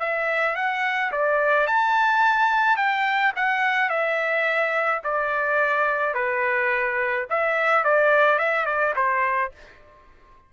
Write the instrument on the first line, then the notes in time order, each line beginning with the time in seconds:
trumpet
0.00 E5
0.56 F#5
1.12 D5
1.67 A5
2.77 G5
3.36 F#5
3.89 E5
5.04 D5
6.14 B4
7.30 E5
7.84 D5
8.39 E5
8.66 D5
8.96 C5